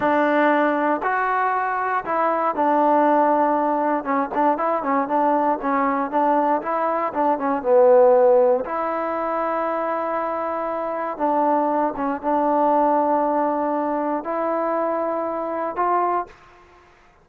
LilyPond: \new Staff \with { instrumentName = "trombone" } { \time 4/4 \tempo 4 = 118 d'2 fis'2 | e'4 d'2. | cis'8 d'8 e'8 cis'8 d'4 cis'4 | d'4 e'4 d'8 cis'8 b4~ |
b4 e'2.~ | e'2 d'4. cis'8 | d'1 | e'2. f'4 | }